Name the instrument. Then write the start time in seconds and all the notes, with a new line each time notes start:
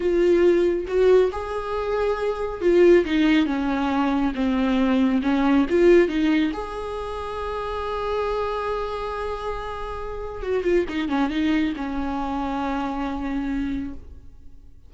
viola
0.00 F4
0.87 F#4
1.32 G#4
2.61 F4
3.05 D#4
3.46 C#4
4.34 C4
5.22 C#4
5.69 F4
6.08 D#4
6.53 G#4
10.42 F#4
10.63 F4
10.89 D#4
11.08 C#4
11.30 D#4
11.76 C#4